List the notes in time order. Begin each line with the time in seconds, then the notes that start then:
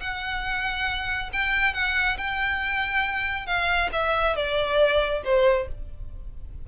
0.00 F#5
1.33 G5
1.74 F#5
2.18 G5
3.46 F5
3.92 E5
4.36 D5
5.25 C5